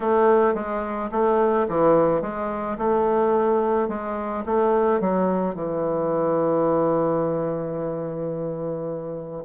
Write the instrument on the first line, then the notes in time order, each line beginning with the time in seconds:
bassoon
0.00 A3
0.54 G#3
1.11 A3
1.68 E3
2.21 G#3
2.78 A3
3.88 G#3
4.45 A3
5.00 F#3
5.54 E3